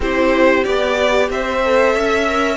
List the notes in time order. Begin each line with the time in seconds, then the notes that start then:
0.00 C4 E4 G4 C5
0.64 B3 G4 D5
1.29 C4 C5 E5
1.64 A4
1.95 C#4 E5
2.27 A#4